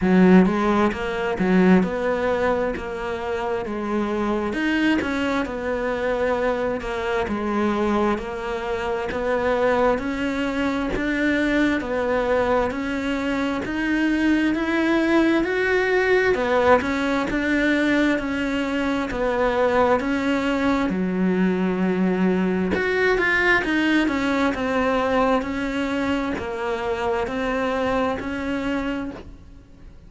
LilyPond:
\new Staff \with { instrumentName = "cello" } { \time 4/4 \tempo 4 = 66 fis8 gis8 ais8 fis8 b4 ais4 | gis4 dis'8 cis'8 b4. ais8 | gis4 ais4 b4 cis'4 | d'4 b4 cis'4 dis'4 |
e'4 fis'4 b8 cis'8 d'4 | cis'4 b4 cis'4 fis4~ | fis4 fis'8 f'8 dis'8 cis'8 c'4 | cis'4 ais4 c'4 cis'4 | }